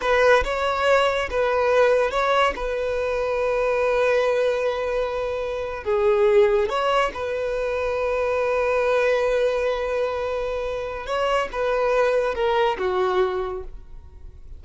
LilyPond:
\new Staff \with { instrumentName = "violin" } { \time 4/4 \tempo 4 = 141 b'4 cis''2 b'4~ | b'4 cis''4 b'2~ | b'1~ | b'4.~ b'16 gis'2 cis''16~ |
cis''8. b'2.~ b'16~ | b'1~ | b'2 cis''4 b'4~ | b'4 ais'4 fis'2 | }